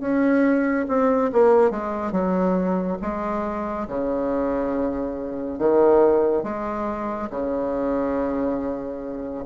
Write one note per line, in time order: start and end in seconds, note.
0.00 0.86 C#4
0.88 1.31 C4
1.32 1.70 A#3
1.70 2.12 G#3
2.12 2.97 F#3
3.02 3.87 G#3
3.88 5.58 C#3
5.58 6.43 D#3
6.43 7.29 G#3
7.30 9.44 C#3